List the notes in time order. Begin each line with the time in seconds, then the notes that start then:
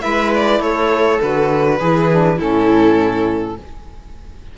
0.00 G#3 E4 B4 E5
0.35 D5
0.60 A3 A4 C#5
1.20 D3 F#4 B4
1.80 E3 E4 G#4
2.10 D4
2.37 A2 C#4 E4 A4